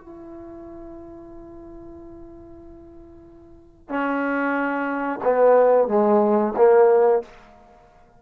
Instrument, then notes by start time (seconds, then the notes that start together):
trombone
0.00 E4
3.89 C#4
5.24 B3
5.88 G#3
6.57 A#3